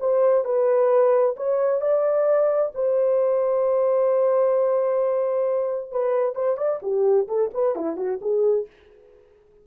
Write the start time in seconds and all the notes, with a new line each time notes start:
0.00 C5
0.45 B4
1.37 C#5
1.81 D5
2.75 C5
5.92 B4
6.35 C5
6.57 D5
6.82 G4
7.28 A4
7.54 B4
7.75 E4
7.97 F#4
8.21 G#4